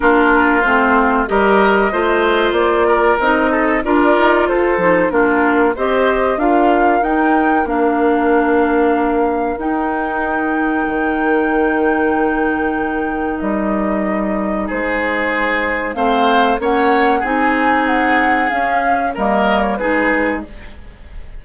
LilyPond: <<
  \new Staff \with { instrumentName = "flute" } { \time 4/4 \tempo 4 = 94 ais'4 c''4 dis''2 | d''4 dis''4 d''4 c''4 | ais'4 dis''4 f''4 g''4 | f''2. g''4~ |
g''1~ | g''4 dis''2 c''4~ | c''4 f''4 fis''4 gis''4 | fis''4 f''4 dis''8. cis''16 b'4 | }
  \new Staff \with { instrumentName = "oboe" } { \time 4/4 f'2 ais'4 c''4~ | c''8 ais'4 a'8 ais'4 a'4 | f'4 c''4 ais'2~ | ais'1~ |
ais'1~ | ais'2. gis'4~ | gis'4 c''4 cis''4 gis'4~ | gis'2 ais'4 gis'4 | }
  \new Staff \with { instrumentName = "clarinet" } { \time 4/4 d'4 c'4 g'4 f'4~ | f'4 dis'4 f'4. dis'8 | d'4 g'4 f'4 dis'4 | d'2. dis'4~ |
dis'1~ | dis'1~ | dis'4 c'4 cis'4 dis'4~ | dis'4 cis'4 ais4 dis'4 | }
  \new Staff \with { instrumentName = "bassoon" } { \time 4/4 ais4 a4 g4 a4 | ais4 c'4 d'8 dis'8 f'8 f8 | ais4 c'4 d'4 dis'4 | ais2. dis'4~ |
dis'4 dis2.~ | dis4 g2 gis4~ | gis4 a4 ais4 c'4~ | c'4 cis'4 g4 gis4 | }
>>